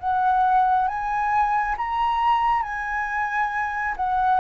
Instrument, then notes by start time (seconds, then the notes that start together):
flute
0.00 F#5
0.88 G#5
1.78 A#5
2.63 G#5
3.97 F#5